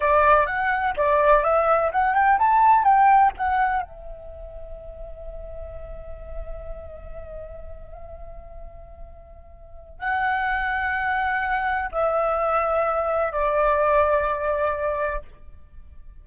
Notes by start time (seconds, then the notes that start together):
0.00 D5
0.46 F#5
0.97 D5
1.43 E5
1.92 F#5
2.14 G5
2.39 A5
2.83 G5
3.37 F#5
3.82 E5
9.99 F#5
11.91 E5
13.32 D5